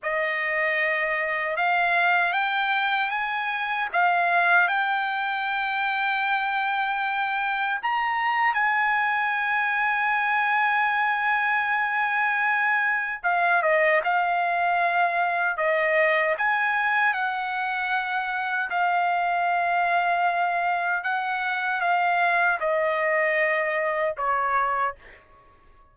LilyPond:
\new Staff \with { instrumentName = "trumpet" } { \time 4/4 \tempo 4 = 77 dis''2 f''4 g''4 | gis''4 f''4 g''2~ | g''2 ais''4 gis''4~ | gis''1~ |
gis''4 f''8 dis''8 f''2 | dis''4 gis''4 fis''2 | f''2. fis''4 | f''4 dis''2 cis''4 | }